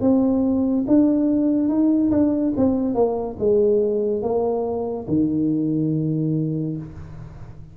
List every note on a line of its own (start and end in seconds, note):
0.00 0.85 C4
0.87 1.68 D4
1.68 2.10 D#4
2.11 2.53 D4
2.56 2.94 C4
2.94 3.36 A#3
3.39 4.22 G#3
4.22 5.06 A#3
5.07 6.76 D#3